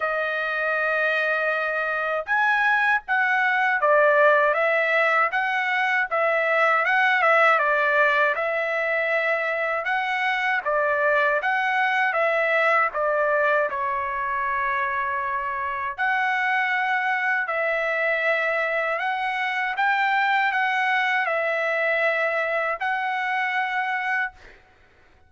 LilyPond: \new Staff \with { instrumentName = "trumpet" } { \time 4/4 \tempo 4 = 79 dis''2. gis''4 | fis''4 d''4 e''4 fis''4 | e''4 fis''8 e''8 d''4 e''4~ | e''4 fis''4 d''4 fis''4 |
e''4 d''4 cis''2~ | cis''4 fis''2 e''4~ | e''4 fis''4 g''4 fis''4 | e''2 fis''2 | }